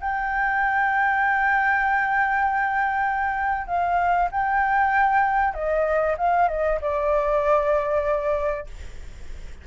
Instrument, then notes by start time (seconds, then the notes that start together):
flute
0.00 G5
3.67 F5
4.31 G5
5.54 D#5
6.17 F5
6.48 D#5
6.81 D5